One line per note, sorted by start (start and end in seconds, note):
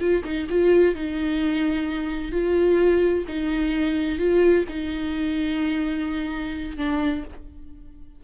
0.00 0.23 F4
0.25 0.48 D#4
0.50 0.95 F4
0.95 2.32 D#4
2.32 3.25 F4
3.28 4.19 D#4
4.19 4.65 F4
4.69 6.77 D#4
6.77 7.24 D4